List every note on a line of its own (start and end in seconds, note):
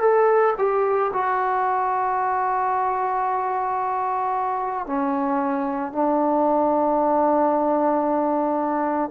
0.00 0.54 A4
0.57 1.11 G4
1.13 4.86 F#4
4.86 5.92 C#4
5.92 9.10 D4